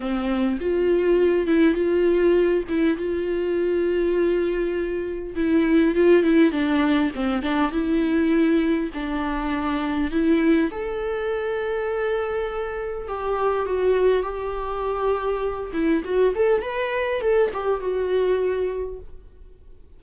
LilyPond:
\new Staff \with { instrumentName = "viola" } { \time 4/4 \tempo 4 = 101 c'4 f'4. e'8 f'4~ | f'8 e'8 f'2.~ | f'4 e'4 f'8 e'8 d'4 | c'8 d'8 e'2 d'4~ |
d'4 e'4 a'2~ | a'2 g'4 fis'4 | g'2~ g'8 e'8 fis'8 a'8 | b'4 a'8 g'8 fis'2 | }